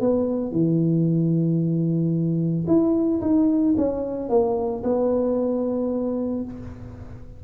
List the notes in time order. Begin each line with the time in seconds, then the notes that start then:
0.00 B3
0.51 E3
2.67 E4
3.21 D#4
3.77 C#4
4.29 A#3
4.83 B3